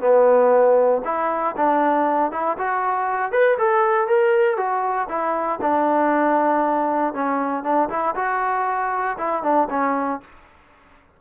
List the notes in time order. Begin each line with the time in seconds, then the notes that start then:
0.00 B3
1.04 E4
1.56 D4
2.31 E4
2.57 F#4
3.32 B4
3.58 A4
4.07 A#4
4.57 F#4
5.08 E4
5.61 D4
7.13 C#4
7.63 D4
7.89 E4
8.15 F#4
9.18 E4
9.43 D4
9.70 C#4